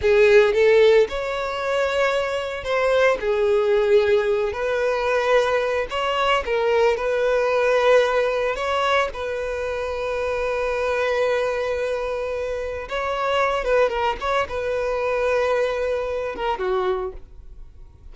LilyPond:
\new Staff \with { instrumentName = "violin" } { \time 4/4 \tempo 4 = 112 gis'4 a'4 cis''2~ | cis''4 c''4 gis'2~ | gis'8 b'2~ b'8 cis''4 | ais'4 b'2. |
cis''4 b'2.~ | b'1 | cis''4. b'8 ais'8 cis''8 b'4~ | b'2~ b'8 ais'8 fis'4 | }